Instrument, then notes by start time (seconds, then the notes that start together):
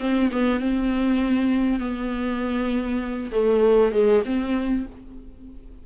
viola
0.00 C4
0.32 B3
0.60 C4
1.80 B3
3.32 A3
3.93 G#3
4.26 C4